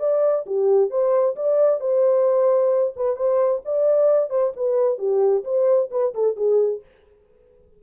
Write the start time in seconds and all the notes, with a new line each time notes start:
0.00 D5
0.46 G4
0.90 C5
1.36 D5
1.81 C5
2.97 B4
3.17 C5
3.65 D5
4.30 C5
4.57 B4
4.99 G4
5.45 C5
5.92 B4
6.14 A4
6.37 G#4